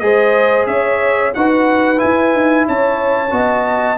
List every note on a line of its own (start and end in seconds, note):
0.00 0.67 G#3
0.00 1.33 G#4
0.00 0.69 C5
0.00 0.66 D#5
0.67 1.33 C#4
0.67 1.35 C#5
0.67 1.33 E5
1.35 2.02 D#4
1.35 1.98 F#4
1.35 2.68 B4
1.35 2.00 F#5
1.98 3.30 E4
1.98 2.66 G#5
2.04 2.35 E4
2.35 2.68 D#4
2.68 3.32 C#4
2.68 3.34 C#5
2.68 3.98 A5
3.31 3.98 B3
3.31 3.97 F#4
3.31 3.98 D#5